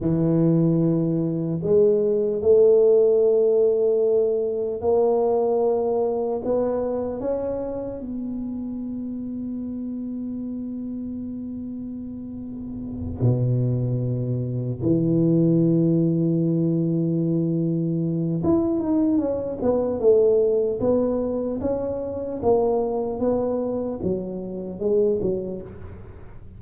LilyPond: \new Staff \with { instrumentName = "tuba" } { \time 4/4 \tempo 4 = 75 e2 gis4 a4~ | a2 ais2 | b4 cis'4 b2~ | b1~ |
b8 b,2 e4.~ | e2. e'8 dis'8 | cis'8 b8 a4 b4 cis'4 | ais4 b4 fis4 gis8 fis8 | }